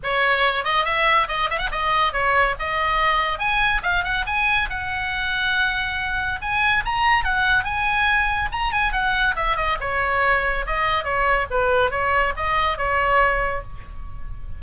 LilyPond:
\new Staff \with { instrumentName = "oboe" } { \time 4/4 \tempo 4 = 141 cis''4. dis''8 e''4 dis''8 e''16 fis''16 | dis''4 cis''4 dis''2 | gis''4 f''8 fis''8 gis''4 fis''4~ | fis''2. gis''4 |
ais''4 fis''4 gis''2 | ais''8 gis''8 fis''4 e''8 dis''8 cis''4~ | cis''4 dis''4 cis''4 b'4 | cis''4 dis''4 cis''2 | }